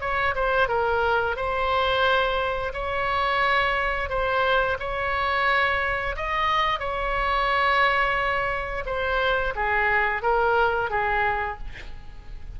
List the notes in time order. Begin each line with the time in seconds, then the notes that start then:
0.00 C#5
0.35 C5
0.68 A#4
1.36 C5
2.73 C#5
4.09 C5
4.79 C#5
6.16 D#5
6.79 C#5
8.85 C5
9.55 G#4
10.22 A#4
10.90 G#4